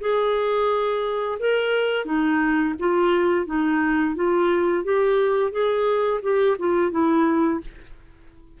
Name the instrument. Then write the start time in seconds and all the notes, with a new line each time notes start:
clarinet
0.00 G#4
1.39 A#4
2.05 D#4
2.79 F4
3.46 D#4
4.15 F4
4.84 G4
5.51 G#4
6.22 G4
6.59 F4
6.91 E4